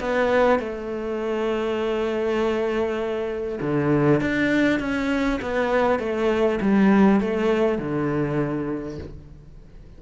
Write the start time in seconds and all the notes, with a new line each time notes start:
0.00 B3
0.59 A3
3.61 D3
4.21 D4
4.79 C#4
5.41 B3
5.99 A3
6.61 G3
7.20 A3
7.78 D3